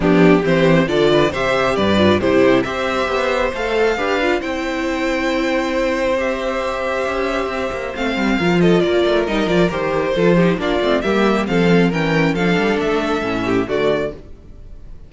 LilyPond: <<
  \new Staff \with { instrumentName = "violin" } { \time 4/4 \tempo 4 = 136 g'4 c''4 d''4 e''4 | d''4 c''4 e''2 | f''2 g''2~ | g''2 e''2~ |
e''2 f''4. dis''8 | d''4 dis''8 d''8 c''2 | d''4 e''4 f''4 g''4 | f''4 e''2 d''4 | }
  \new Staff \with { instrumentName = "violin" } { \time 4/4 d'4 g'4 a'8 b'8 c''4 | b'4 g'4 c''2~ | c''4 b'4 c''2~ | c''1~ |
c''2. ais'8 a'8 | ais'2. a'8 g'8 | f'4 g'4 a'4 ais'4 | a'2~ a'8 g'8 fis'4 | }
  \new Staff \with { instrumentName = "viola" } { \time 4/4 b4 c'4 f'4 g'4~ | g'8 f'8 e'4 g'2 | a'4 g'8 f'8 e'2~ | e'2 g'2~ |
g'2 c'4 f'4~ | f'4 dis'8 f'8 g'4 f'8 dis'8 | d'8 c'8 ais4 c'4 cis'4 | d'2 cis'4 a4 | }
  \new Staff \with { instrumentName = "cello" } { \time 4/4 f4 e4 d4 c4 | g,4 c4 c'4 b4 | a4 d'4 c'2~ | c'1 |
cis'4 c'8 ais8 a8 g8 f4 | ais8 a8 g8 f8 dis4 f4 | ais8 a8 g4 f4 e4 | f8 g8 a4 a,4 d4 | }
>>